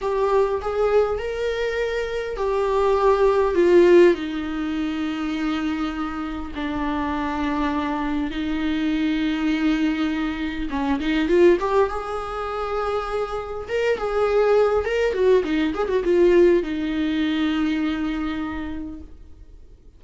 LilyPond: \new Staff \with { instrumentName = "viola" } { \time 4/4 \tempo 4 = 101 g'4 gis'4 ais'2 | g'2 f'4 dis'4~ | dis'2. d'4~ | d'2 dis'2~ |
dis'2 cis'8 dis'8 f'8 g'8 | gis'2. ais'8 gis'8~ | gis'4 ais'8 fis'8 dis'8 gis'16 fis'16 f'4 | dis'1 | }